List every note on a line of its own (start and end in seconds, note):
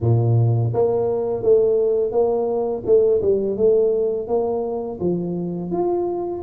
0.00 0.72 A#2
0.73 1.43 A#3
1.43 2.11 A3
2.11 2.82 A#3
2.85 3.21 A3
3.21 3.56 G3
3.56 4.27 A3
4.27 4.99 A#3
5.00 5.71 F3
5.71 6.42 F4